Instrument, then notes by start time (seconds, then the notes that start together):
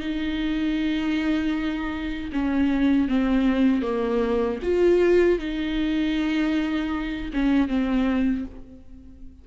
viola
0.00 D#4
2.32 C#4
3.08 C4
3.82 A#3
4.62 F4
5.38 D#4
7.33 C#4
7.68 C4